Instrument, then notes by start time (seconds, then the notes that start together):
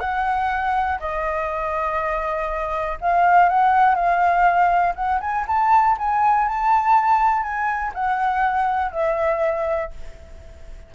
flute
0.00 F#5
1.00 D#5
3.02 F5
3.50 F#5
3.95 F5
4.96 F#5
5.21 G#5
5.48 A5
5.99 G#5
6.48 A5
7.43 G#5
7.95 F#5
8.92 E5